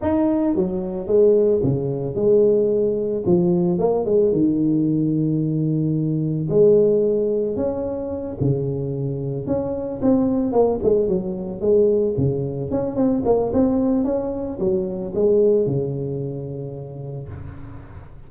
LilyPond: \new Staff \with { instrumentName = "tuba" } { \time 4/4 \tempo 4 = 111 dis'4 fis4 gis4 cis4 | gis2 f4 ais8 gis8 | dis1 | gis2 cis'4. cis8~ |
cis4. cis'4 c'4 ais8 | gis8 fis4 gis4 cis4 cis'8 | c'8 ais8 c'4 cis'4 fis4 | gis4 cis2. | }